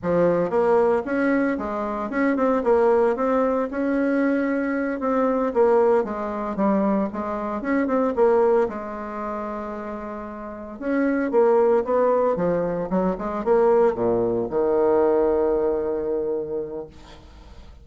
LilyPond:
\new Staff \with { instrumentName = "bassoon" } { \time 4/4 \tempo 4 = 114 f4 ais4 cis'4 gis4 | cis'8 c'8 ais4 c'4 cis'4~ | cis'4. c'4 ais4 gis8~ | gis8 g4 gis4 cis'8 c'8 ais8~ |
ais8 gis2.~ gis8~ | gis8 cis'4 ais4 b4 f8~ | f8 fis8 gis8 ais4 ais,4 dis8~ | dis1 | }